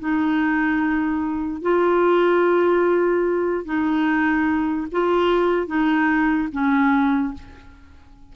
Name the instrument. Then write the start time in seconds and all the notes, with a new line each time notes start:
clarinet
0.00 D#4
1.62 F4
3.65 D#4
4.92 F4
5.67 D#4
6.52 C#4